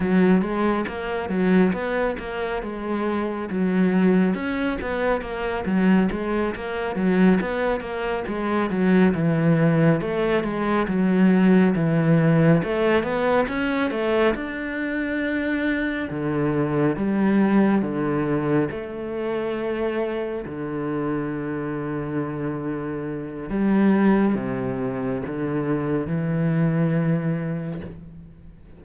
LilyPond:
\new Staff \with { instrumentName = "cello" } { \time 4/4 \tempo 4 = 69 fis8 gis8 ais8 fis8 b8 ais8 gis4 | fis4 cis'8 b8 ais8 fis8 gis8 ais8 | fis8 b8 ais8 gis8 fis8 e4 a8 | gis8 fis4 e4 a8 b8 cis'8 |
a8 d'2 d4 g8~ | g8 d4 a2 d8~ | d2. g4 | c4 d4 e2 | }